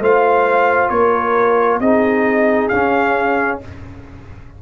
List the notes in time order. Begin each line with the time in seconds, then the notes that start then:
0.00 A3 F4 C5 F5
0.89 A#3 A#4 C#5
1.80 C4 D#4 G#4 D#5
2.68 C#4 F5